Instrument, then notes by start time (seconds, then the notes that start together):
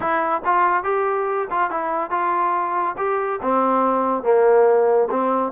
trombone
0.00 E4
0.44 F4
0.83 G4
1.50 F4
1.70 E4
2.10 F4
2.97 G4
3.42 C4
4.23 A#3
5.10 C4